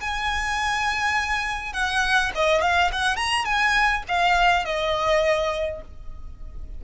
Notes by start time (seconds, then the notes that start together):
0.00 G#5
1.73 F#5
2.35 D#5
2.61 F5
2.92 F#5
3.16 A#5
3.45 G#5
4.08 F5
4.65 D#5